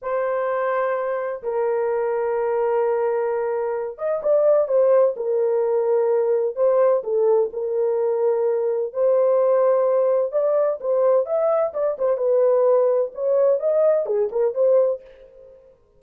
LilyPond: \new Staff \with { instrumentName = "horn" } { \time 4/4 \tempo 4 = 128 c''2. ais'4~ | ais'1~ | ais'8 dis''8 d''4 c''4 ais'4~ | ais'2 c''4 a'4 |
ais'2. c''4~ | c''2 d''4 c''4 | e''4 d''8 c''8 b'2 | cis''4 dis''4 gis'8 ais'8 c''4 | }